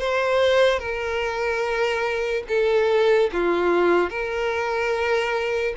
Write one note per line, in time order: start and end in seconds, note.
0.00 0.80 C5
0.80 2.44 A#4
2.48 3.31 A4
3.33 4.10 F4
4.10 5.75 A#4